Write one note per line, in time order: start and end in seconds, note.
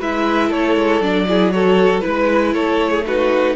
0.00 0.51 G#3
0.00 1.02 E4
0.00 0.49 B4
0.00 0.52 E5
0.49 0.76 A3
0.49 1.25 A4
0.49 1.02 C#5
0.76 1.01 G#3
1.01 2.03 F#3
1.01 1.27 D4
1.01 1.52 D5
1.28 1.53 E4
1.28 1.54 G#4
1.52 2.02 F#4
1.52 2.04 A4
1.52 2.00 C#5
2.00 3.03 E4
2.00 2.51 B4
2.00 2.55 B4
2.07 2.55 G#3
2.54 3.56 A3
2.54 2.91 A4
2.54 3.05 C#5
2.91 3.04 G#4
3.07 3.56 D#4
3.07 3.56 F#4
3.07 3.56 B4